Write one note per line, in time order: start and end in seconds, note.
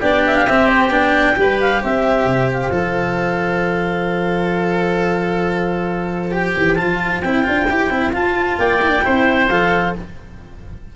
0.00 0.47 B3
0.00 0.48 D4
0.00 1.35 G4
0.00 0.24 D5
0.26 0.36 E5
0.36 0.47 F5
0.47 0.89 C4
0.47 0.91 C4
0.47 0.69 E5
0.69 0.91 C5
0.89 1.34 B3
0.89 1.36 D4
0.89 1.60 G5
1.36 1.83 G3
1.36 2.71 G4
1.36 1.82 B4
1.60 1.83 F5
1.82 2.25 C4
1.82 8.59 C5
1.82 2.51 E5
2.25 2.70 C3
2.51 6.34 F5
2.71 6.54 F3
2.71 6.32 A4
6.32 6.77 G4
6.32 6.75 G5
6.57 6.79 E3
6.75 7.24 F3
6.75 7.23 F4
6.75 7.20 A5
7.21 7.46 C4
7.21 7.44 E4
7.21 8.12 G5
7.44 7.70 D4
7.44 7.66 F4
7.70 7.91 E4
7.70 7.90 G4
7.90 8.13 C4
7.90 8.13 E4
8.13 8.58 F4
8.13 8.80 F4
8.13 8.59 A5
8.58 9.04 A#3
8.58 9.05 D5
8.58 9.49 G5
8.82 8.88 E4
8.88 9.00 D4
9.04 9.50 C4
9.04 9.49 E4
9.04 9.95 C5
9.49 9.95 F3
9.49 9.96 A4
9.49 9.94 F5